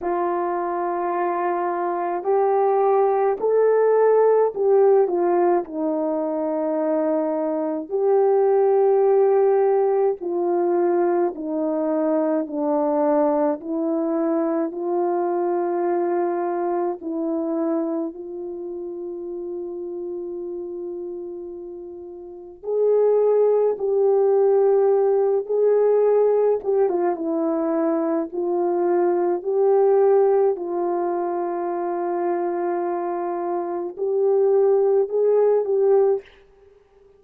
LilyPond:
\new Staff \with { instrumentName = "horn" } { \time 4/4 \tempo 4 = 53 f'2 g'4 a'4 | g'8 f'8 dis'2 g'4~ | g'4 f'4 dis'4 d'4 | e'4 f'2 e'4 |
f'1 | gis'4 g'4. gis'4 g'16 f'16 | e'4 f'4 g'4 f'4~ | f'2 g'4 gis'8 g'8 | }